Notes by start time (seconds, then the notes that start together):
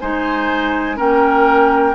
0.00 G#3 D#4 C5 G#5
0.96 A#3 C#4 A#4 G5